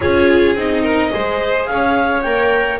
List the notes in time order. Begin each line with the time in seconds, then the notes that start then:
0.00 C#4 F4 G#4 C#5
0.55 C4 D#4 D#5
0.81 A#4
1.12 G#3 G#4 C5
1.66 C#4 C#5 F5
2.22 A#3 A#4 G5